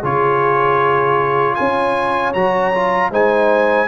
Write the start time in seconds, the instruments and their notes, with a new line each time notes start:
0.00 tuba C#3, trombone F4, horn G#4, trumpet C#5
1.55 tuba C#4, horn C#5, trumpet G#5
2.33 tuba F#3, trombone F#4, trumpet A#5
2.74 trombone F4
3.10 tuba G#3, trombone D#4, horn C5, trumpet G#5